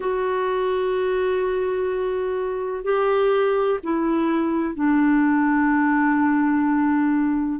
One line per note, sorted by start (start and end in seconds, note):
0.00 2.84 F#4
2.84 3.79 G4
3.83 4.74 E4
4.74 7.59 D4